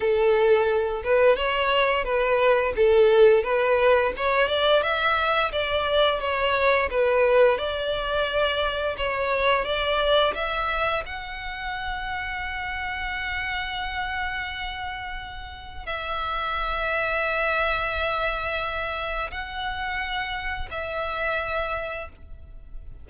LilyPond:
\new Staff \with { instrumentName = "violin" } { \time 4/4 \tempo 4 = 87 a'4. b'8 cis''4 b'4 | a'4 b'4 cis''8 d''8 e''4 | d''4 cis''4 b'4 d''4~ | d''4 cis''4 d''4 e''4 |
fis''1~ | fis''2. e''4~ | e''1 | fis''2 e''2 | }